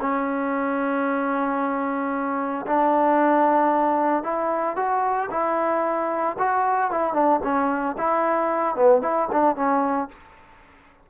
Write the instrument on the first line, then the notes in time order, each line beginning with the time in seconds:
trombone
0.00 C#4
2.66 D4
4.23 E4
4.76 F#4
5.30 E4
6.38 F#4
6.91 E4
7.13 D4
7.43 C#4
7.97 E4
8.75 B3
9.01 E4
9.32 D4
9.55 C#4